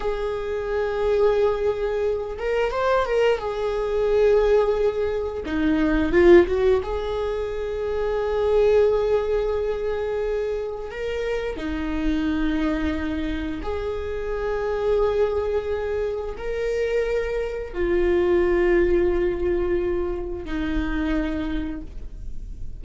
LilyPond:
\new Staff \with { instrumentName = "viola" } { \time 4/4 \tempo 4 = 88 gis'2.~ gis'8 ais'8 | c''8 ais'8 gis'2. | dis'4 f'8 fis'8 gis'2~ | gis'1 |
ais'4 dis'2. | gis'1 | ais'2 f'2~ | f'2 dis'2 | }